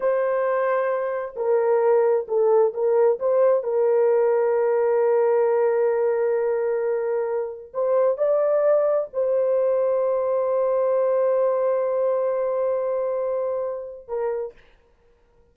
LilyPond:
\new Staff \with { instrumentName = "horn" } { \time 4/4 \tempo 4 = 132 c''2. ais'4~ | ais'4 a'4 ais'4 c''4 | ais'1~ | ais'1~ |
ais'4 c''4 d''2 | c''1~ | c''1~ | c''2. ais'4 | }